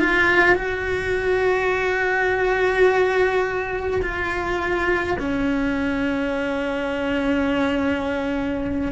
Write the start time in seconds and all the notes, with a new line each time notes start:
0.00 F4
0.56 F#4
4.02 F4
5.19 C#4